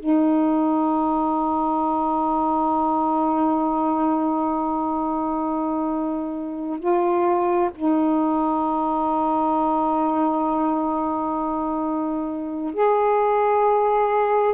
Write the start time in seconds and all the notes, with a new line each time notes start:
0.00 D#4
6.79 F4
7.76 D#4
12.74 G#4